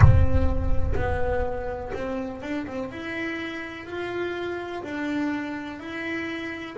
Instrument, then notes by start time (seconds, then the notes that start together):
double bass
0.00 C4
0.95 B3
1.93 C4
2.42 D4
2.67 C4
2.91 E4
3.86 F4
4.83 D4
5.79 E4